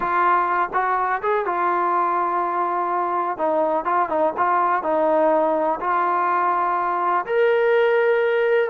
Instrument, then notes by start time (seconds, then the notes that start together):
trombone
0.00 F4
0.73 F#4
1.22 G#4
1.45 F4
3.37 D#4
3.84 F4
4.09 D#4
4.37 F4
4.83 D#4
5.80 F4
7.26 A#4